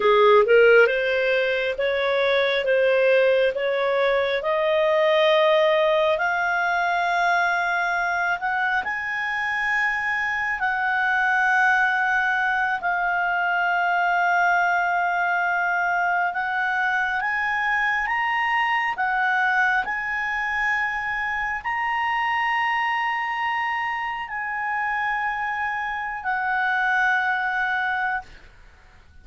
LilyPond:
\new Staff \with { instrumentName = "clarinet" } { \time 4/4 \tempo 4 = 68 gis'8 ais'8 c''4 cis''4 c''4 | cis''4 dis''2 f''4~ | f''4. fis''8 gis''2 | fis''2~ fis''8 f''4.~ |
f''2~ f''8 fis''4 gis''8~ | gis''8 ais''4 fis''4 gis''4.~ | gis''8 ais''2. gis''8~ | gis''4.~ gis''16 fis''2~ fis''16 | }